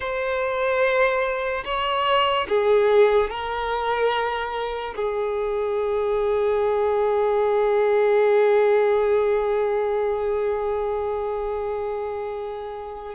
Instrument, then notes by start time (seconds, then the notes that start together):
violin
0.00 C5
1.64 C#5
2.48 G#4
3.30 A#4
4.95 G#4